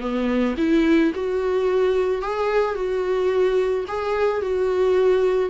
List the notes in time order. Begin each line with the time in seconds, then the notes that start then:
0.00 B3
0.58 E4
1.14 F#4
2.22 G#4
2.75 F#4
3.88 G#4
4.41 F#4